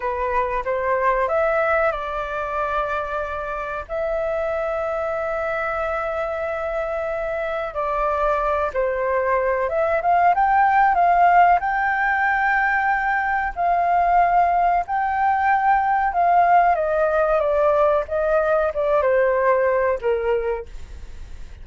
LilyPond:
\new Staff \with { instrumentName = "flute" } { \time 4/4 \tempo 4 = 93 b'4 c''4 e''4 d''4~ | d''2 e''2~ | e''1 | d''4. c''4. e''8 f''8 |
g''4 f''4 g''2~ | g''4 f''2 g''4~ | g''4 f''4 dis''4 d''4 | dis''4 d''8 c''4. ais'4 | }